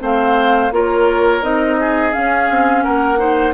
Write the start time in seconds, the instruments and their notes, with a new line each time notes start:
0.00 bassoon A3, clarinet C4, oboe C5, flute F5
0.71 bassoon A#3, clarinet F4, oboe A#4, flute C#5
1.42 bassoon C4, clarinet D#4, flute D#5
1.80 oboe G#4
2.12 clarinet C#4, bassoon C#4, flute F5
2.50 bassoon C4
2.83 bassoon A#3, oboe A#4, flute F#5
3.18 clarinet D#4, oboe C5